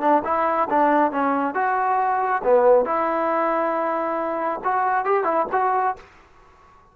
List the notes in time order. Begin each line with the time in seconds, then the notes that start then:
0.00 D4
0.24 E4
0.69 D4
1.11 C#4
1.54 F#4
2.44 B3
2.85 E4
4.64 F#4
5.04 G4
5.24 E4
5.52 F#4